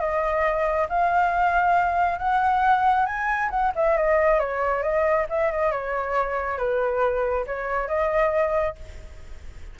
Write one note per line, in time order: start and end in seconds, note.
0.00 0.88 D#5
0.89 2.19 F5
2.19 3.06 F#5
3.06 3.50 G#5
3.50 3.72 F#5
3.75 3.97 E5
3.97 4.39 D#5
4.39 4.83 C#5
4.83 5.26 D#5
5.30 5.52 E5
5.52 5.72 D#5
5.72 6.58 C#5
6.58 7.46 B4
7.47 7.88 C#5
7.88 8.76 D#5